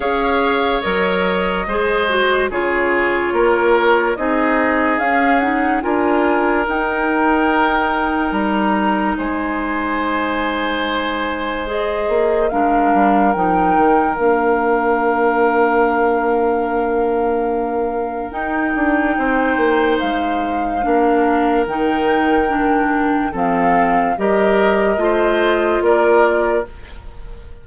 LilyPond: <<
  \new Staff \with { instrumentName = "flute" } { \time 4/4 \tempo 4 = 72 f''4 dis''2 cis''4~ | cis''4 dis''4 f''8 fis''8 gis''4 | g''2 ais''4 gis''4~ | gis''2 dis''4 f''4 |
g''4 f''2.~ | f''2 g''2 | f''2 g''2 | f''4 dis''2 d''4 | }
  \new Staff \with { instrumentName = "oboe" } { \time 4/4 cis''2 c''4 gis'4 | ais'4 gis'2 ais'4~ | ais'2. c''4~ | c''2. ais'4~ |
ais'1~ | ais'2. c''4~ | c''4 ais'2. | a'4 ais'4 c''4 ais'4 | }
  \new Staff \with { instrumentName = "clarinet" } { \time 4/4 gis'4 ais'4 gis'8 fis'8 f'4~ | f'4 dis'4 cis'8 dis'8 f'4 | dis'1~ | dis'2 gis'4 d'4 |
dis'4 d'2.~ | d'2 dis'2~ | dis'4 d'4 dis'4 d'4 | c'4 g'4 f'2 | }
  \new Staff \with { instrumentName = "bassoon" } { \time 4/4 cis'4 fis4 gis4 cis4 | ais4 c'4 cis'4 d'4 | dis'2 g4 gis4~ | gis2~ gis8 ais8 gis8 g8 |
f8 dis8 ais2.~ | ais2 dis'8 d'8 c'8 ais8 | gis4 ais4 dis2 | f4 g4 a4 ais4 | }
>>